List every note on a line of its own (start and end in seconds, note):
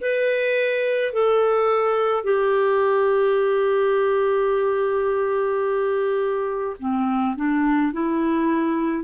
0.00 1.13 B4
1.13 2.23 A4
2.23 6.76 G4
6.79 7.36 C4
7.36 7.92 D4
7.92 9.04 E4